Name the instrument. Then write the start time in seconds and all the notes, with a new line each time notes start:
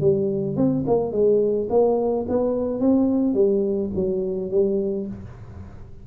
tuba
0.00 G3
0.56 C4
0.87 A#3
1.12 G#3
1.69 A#3
2.28 B3
2.80 C4
3.33 G3
3.95 F#3
4.50 G3